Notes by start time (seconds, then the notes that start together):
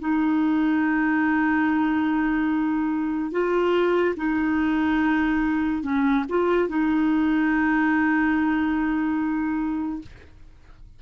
0.00 D#4
3.31 F4
4.17 D#4
5.83 C#4
6.30 F4
6.69 D#4